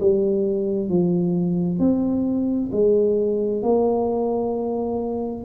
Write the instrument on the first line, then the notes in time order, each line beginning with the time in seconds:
tuba
0.00 G3
0.89 F3
1.79 C4
2.71 G#3
3.62 A#3